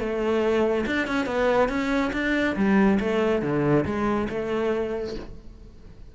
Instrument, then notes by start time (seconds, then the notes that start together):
cello
0.00 A3
0.87 D4
1.08 C#4
1.26 B3
1.69 C#4
2.13 D4
2.56 G3
3.01 A3
3.42 D3
3.86 G#3
4.30 A3